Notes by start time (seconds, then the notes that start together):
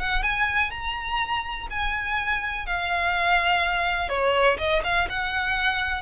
0.00 F#5
0.22 G#5
0.71 A#5
1.70 G#5
2.66 F5
4.09 C#5
4.58 D#5
4.84 F5
5.10 F#5